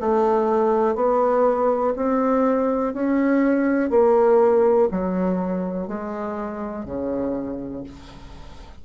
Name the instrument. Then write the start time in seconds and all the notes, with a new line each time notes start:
bassoon
0.00 A3
0.96 B3
1.96 C4
2.94 C#4
3.90 A#3
4.92 F#3
5.88 G#3
6.85 C#3